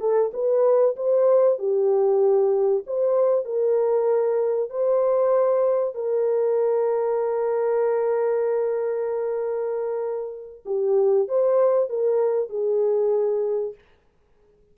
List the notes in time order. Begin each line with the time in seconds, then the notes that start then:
0.00 A4
0.33 B4
0.96 C5
1.59 G4
2.86 C5
3.45 A#4
4.70 C5
5.95 A#4
10.65 G4
11.28 C5
11.89 A#4
12.49 G#4